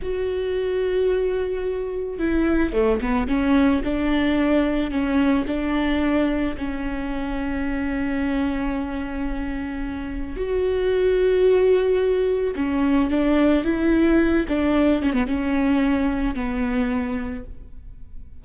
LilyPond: \new Staff \with { instrumentName = "viola" } { \time 4/4 \tempo 4 = 110 fis'1 | e'4 a8 b8 cis'4 d'4~ | d'4 cis'4 d'2 | cis'1~ |
cis'2. fis'4~ | fis'2. cis'4 | d'4 e'4. d'4 cis'16 b16 | cis'2 b2 | }